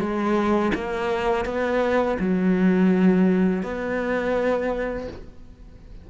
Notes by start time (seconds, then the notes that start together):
0.00 G#3
0.75 A#3
1.46 B3
2.20 F#3
3.63 B3